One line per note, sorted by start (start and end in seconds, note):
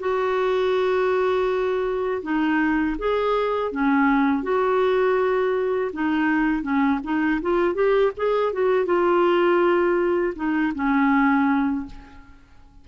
0.00 2.22 F#4
2.23 2.97 D#4
2.99 3.72 G#4
3.72 4.43 C#4
4.43 5.92 F#4
5.93 6.63 D#4
6.63 7.00 C#4
7.04 7.41 D#4
7.42 7.75 F4
7.75 8.12 G4
8.17 8.53 G#4
8.53 8.86 F#4
8.86 10.34 F4
10.36 10.73 D#4
10.75 11.87 C#4